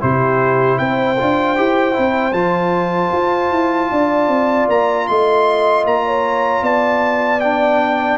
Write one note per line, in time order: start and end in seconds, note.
0.00 0.80 C3
0.00 1.17 E4
0.00 0.79 G4
0.00 0.79 C5
0.79 1.19 C4
0.79 3.91 C5
0.79 2.33 G5
1.18 1.58 D4
1.18 1.56 F4
1.56 1.97 E4
1.56 1.93 G4
1.93 2.33 C4
1.93 2.32 E4
2.33 3.11 F3
2.33 7.40 F4
2.33 4.67 A5
3.12 3.51 F4
3.51 3.90 E4
3.91 4.28 D4
3.91 5.09 D5
4.28 4.67 C4
4.69 5.08 A#3
4.69 5.07 A#5
5.07 5.84 A3
5.07 6.05 D#5
5.07 5.85 C6
5.84 6.62 A#3
5.84 6.64 A#5
6.05 6.63 C#5
6.62 8.18 B3
6.62 8.19 D5
6.62 7.41 A5
7.41 8.19 D4
7.41 8.19 G5